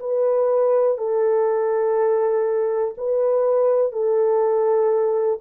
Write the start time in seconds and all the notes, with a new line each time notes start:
0.00 B4
0.98 A4
2.97 B4
3.93 A4